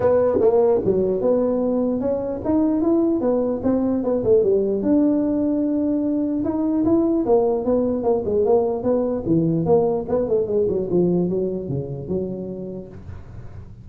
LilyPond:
\new Staff \with { instrumentName = "tuba" } { \time 4/4 \tempo 4 = 149 b4 ais4 fis4 b4~ | b4 cis'4 dis'4 e'4 | b4 c'4 b8 a8 g4 | d'1 |
dis'4 e'4 ais4 b4 | ais8 gis8 ais4 b4 e4 | ais4 b8 a8 gis8 fis8 f4 | fis4 cis4 fis2 | }